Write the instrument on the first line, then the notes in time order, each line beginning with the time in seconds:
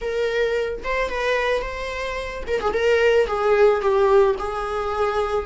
viola
0.01 A#4
0.83 C5
1.09 B4
1.61 C5
2.47 A#4
2.61 G#4
2.73 A#4
3.27 G#4
3.81 G4
4.39 G#4